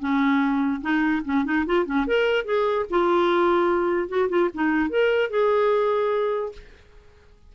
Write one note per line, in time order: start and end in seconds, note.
0.00 0.82 C#4
0.82 1.23 D#4
1.25 1.45 C#4
1.45 1.65 D#4
1.66 1.86 F4
1.86 2.06 C#4
2.07 2.45 A#4
2.45 2.86 G#4
2.90 4.09 F4
4.09 4.29 F#4
4.30 4.50 F4
4.54 4.90 D#4
4.90 5.30 A#4
5.30 6.53 G#4